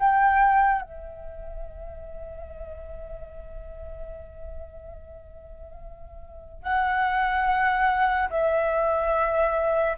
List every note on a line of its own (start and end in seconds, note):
0.00 0.82 G5
0.82 6.63 E5
6.63 8.30 F#5
8.30 9.97 E5